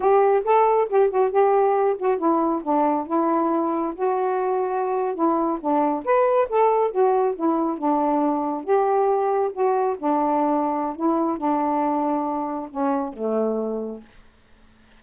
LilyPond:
\new Staff \with { instrumentName = "saxophone" } { \time 4/4 \tempo 4 = 137 g'4 a'4 g'8 fis'8 g'4~ | g'8 fis'8 e'4 d'4 e'4~ | e'4 fis'2~ fis'8. e'16~ | e'8. d'4 b'4 a'4 fis'16~ |
fis'8. e'4 d'2 g'16~ | g'4.~ g'16 fis'4 d'4~ d'16~ | d'4 e'4 d'2~ | d'4 cis'4 a2 | }